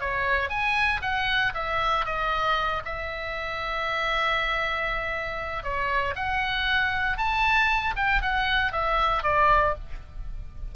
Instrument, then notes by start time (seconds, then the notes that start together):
oboe
0.00 C#5
0.49 G#5
1.02 F#5
1.54 E5
2.05 D#5
2.85 E5
5.63 C#5
6.15 F#5
7.17 A5
7.96 G5
8.22 F#5
8.72 E5
9.23 D5